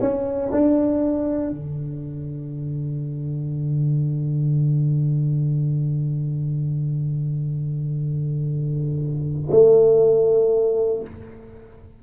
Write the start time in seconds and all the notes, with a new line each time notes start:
0.00 C#4
0.51 D4
1.50 D3
9.51 A3